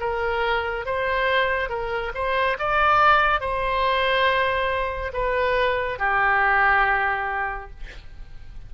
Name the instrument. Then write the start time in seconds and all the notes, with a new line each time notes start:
oboe
0.00 A#4
0.86 C5
1.69 A#4
2.15 C5
2.59 D5
3.41 C5
5.14 B4
5.99 G4